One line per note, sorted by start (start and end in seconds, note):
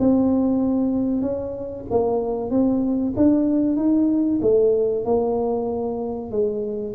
0.00 1.22 C4
1.22 1.85 C#4
1.91 2.51 A#3
2.51 3.14 C4
3.17 3.77 D4
3.77 4.40 D#4
4.42 5.05 A3
5.05 6.31 A#3
6.32 6.95 G#3